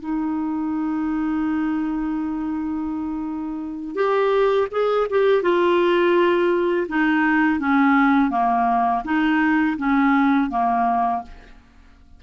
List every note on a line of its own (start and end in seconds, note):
0.00 3.95 D#4
3.95 4.67 G4
4.71 5.07 G#4
5.10 5.42 G4
5.42 6.87 F4
6.88 7.60 D#4
7.60 8.30 C#4
8.30 9.03 A#3
9.04 9.77 D#4
9.78 10.50 C#4
10.50 11.22 A#3